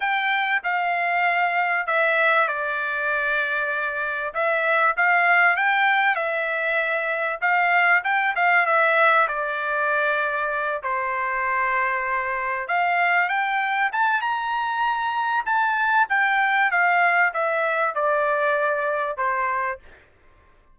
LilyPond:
\new Staff \with { instrumentName = "trumpet" } { \time 4/4 \tempo 4 = 97 g''4 f''2 e''4 | d''2. e''4 | f''4 g''4 e''2 | f''4 g''8 f''8 e''4 d''4~ |
d''4. c''2~ c''8~ | c''8 f''4 g''4 a''8 ais''4~ | ais''4 a''4 g''4 f''4 | e''4 d''2 c''4 | }